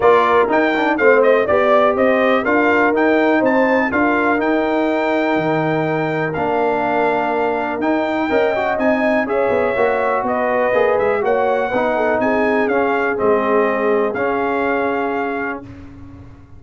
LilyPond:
<<
  \new Staff \with { instrumentName = "trumpet" } { \time 4/4 \tempo 4 = 123 d''4 g''4 f''8 dis''8 d''4 | dis''4 f''4 g''4 a''4 | f''4 g''2.~ | g''4 f''2. |
g''2 gis''4 e''4~ | e''4 dis''4. e''8 fis''4~ | fis''4 gis''4 f''4 dis''4~ | dis''4 f''2. | }
  \new Staff \with { instrumentName = "horn" } { \time 4/4 ais'2 c''4 d''4 | c''4 ais'2 c''4 | ais'1~ | ais'1~ |
ais'4 dis''2 cis''4~ | cis''4 b'2 cis''4 | b'8 a'8 gis'2.~ | gis'1 | }
  \new Staff \with { instrumentName = "trombone" } { \time 4/4 f'4 dis'8 d'8 c'4 g'4~ | g'4 f'4 dis'2 | f'4 dis'2.~ | dis'4 d'2. |
dis'4 ais'8 fis'8 dis'4 gis'4 | fis'2 gis'4 fis'4 | dis'2 cis'4 c'4~ | c'4 cis'2. | }
  \new Staff \with { instrumentName = "tuba" } { \time 4/4 ais4 dis'4 a4 b4 | c'4 d'4 dis'4 c'4 | d'4 dis'2 dis4~ | dis4 ais2. |
dis'4 cis'4 c'4 cis'8 b8 | ais4 b4 ais8 gis8 ais4 | b4 c'4 cis'4 gis4~ | gis4 cis'2. | }
>>